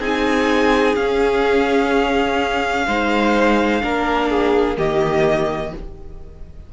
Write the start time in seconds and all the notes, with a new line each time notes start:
0.00 C4 D#4 G#4 G#5
0.96 C#4 F5
2.87 G#3 D#4 C5
3.81 A#3 D4 A#4
4.30 G#4
4.78 D#3 A#3 G4 D#5